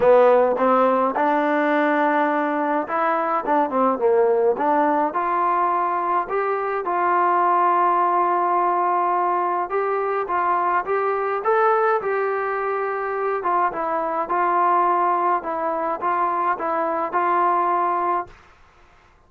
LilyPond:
\new Staff \with { instrumentName = "trombone" } { \time 4/4 \tempo 4 = 105 b4 c'4 d'2~ | d'4 e'4 d'8 c'8 ais4 | d'4 f'2 g'4 | f'1~ |
f'4 g'4 f'4 g'4 | a'4 g'2~ g'8 f'8 | e'4 f'2 e'4 | f'4 e'4 f'2 | }